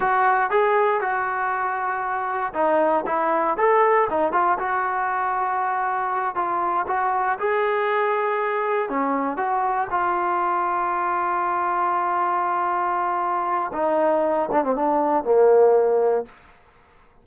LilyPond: \new Staff \with { instrumentName = "trombone" } { \time 4/4 \tempo 4 = 118 fis'4 gis'4 fis'2~ | fis'4 dis'4 e'4 a'4 | dis'8 f'8 fis'2.~ | fis'8 f'4 fis'4 gis'4.~ |
gis'4. cis'4 fis'4 f'8~ | f'1~ | f'2. dis'4~ | dis'8 d'16 c'16 d'4 ais2 | }